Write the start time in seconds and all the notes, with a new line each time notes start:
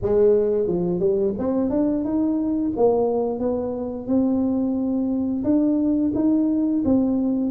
0.02 G#3
0.67 F3
0.99 G3
1.38 C4
1.70 D4
2.04 D#4
2.76 A#3
3.39 B3
4.07 C4
5.44 D4
6.15 D#4
6.84 C4